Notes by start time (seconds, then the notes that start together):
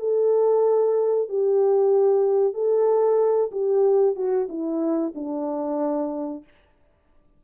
0.00 A4
1.29 G4
2.54 A4
3.52 G4
4.16 F#4
4.49 E4
5.16 D4